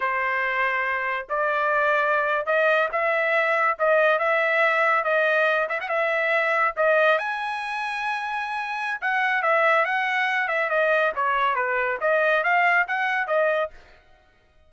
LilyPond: \new Staff \with { instrumentName = "trumpet" } { \time 4/4 \tempo 4 = 140 c''2. d''4~ | d''4.~ d''16 dis''4 e''4~ e''16~ | e''8. dis''4 e''2 dis''16~ | dis''4~ dis''16 e''16 fis''16 e''2 dis''16~ |
dis''8. gis''2.~ gis''16~ | gis''4 fis''4 e''4 fis''4~ | fis''8 e''8 dis''4 cis''4 b'4 | dis''4 f''4 fis''4 dis''4 | }